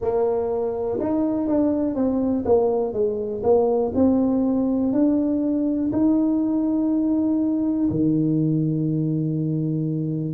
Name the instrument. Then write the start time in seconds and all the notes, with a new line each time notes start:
tuba
0.01 A#3
1.00 D#4
1.47 D4
1.94 C4
2.45 A#3
2.92 G#3
3.43 A#3
3.94 C4
4.92 D4
5.92 D#4
7.90 D#3